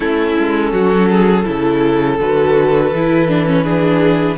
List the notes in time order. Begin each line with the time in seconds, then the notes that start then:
0.00 A3 C#4 E4 A4
0.38 G#3
0.72 F#3 F#4
1.09 G#4
1.44 C#3 E4 A4
2.19 D3 F#4 B4
2.92 E3 E4
3.28 D4
3.45 C#4
3.63 D4 G#4